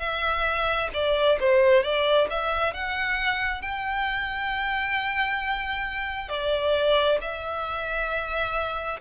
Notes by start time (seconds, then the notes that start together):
0.00 E5
0.94 D5
1.40 C5
1.83 D5
2.30 E5
2.74 F#5
3.62 G5
6.29 D5
7.21 E5